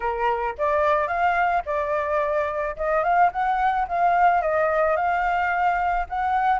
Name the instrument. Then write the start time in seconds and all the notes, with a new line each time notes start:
flute
0.00 A#4
0.58 D5
1.07 F5
1.65 D5
2.76 D#5
3.03 F5
3.32 F#5
3.88 F5
4.41 D#5
4.96 F5
6.09 F#5